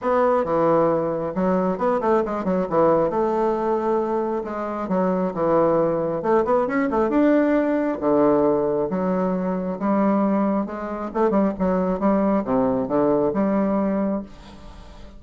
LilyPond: \new Staff \with { instrumentName = "bassoon" } { \time 4/4 \tempo 4 = 135 b4 e2 fis4 | b8 a8 gis8 fis8 e4 a4~ | a2 gis4 fis4 | e2 a8 b8 cis'8 a8 |
d'2 d2 | fis2 g2 | gis4 a8 g8 fis4 g4 | c4 d4 g2 | }